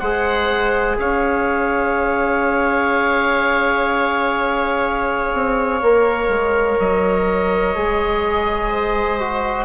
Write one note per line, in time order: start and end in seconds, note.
0.00 0.98 G#3
0.00 5.83 G#4
0.00 0.98 C5
0.00 0.97 F#5
0.99 5.34 C#4
0.99 8.70 C#5
0.99 6.80 F5
5.34 5.82 C4
5.82 6.29 A#3
5.82 7.75 A#4
6.29 6.77 G#3
6.80 7.77 F#3
6.80 9.65 D#5
7.75 9.65 G#3
7.75 9.20 G#4
8.70 9.65 C5
9.20 9.65 F#4